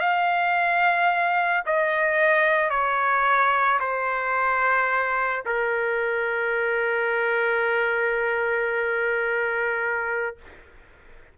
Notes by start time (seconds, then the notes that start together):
0.00 F5
1.66 D#5
2.70 C#5
3.80 C5
5.45 A#4